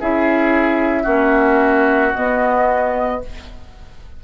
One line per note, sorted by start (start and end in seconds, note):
0.00 1.06 C#4
0.00 1.05 E4
0.00 1.03 G#4
0.00 2.14 E5
1.03 2.13 A#3
1.03 2.12 C#4
1.03 3.17 F#4
2.14 3.22 B3
2.14 3.23 B3
2.14 3.21 D#5